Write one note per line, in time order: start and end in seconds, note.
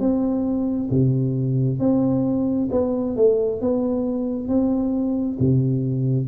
0.00 0.90 C4
0.90 1.80 C3
1.80 2.69 C4
2.72 3.16 B3
3.16 3.61 A3
3.61 4.48 B3
4.48 5.38 C4
5.39 6.28 C3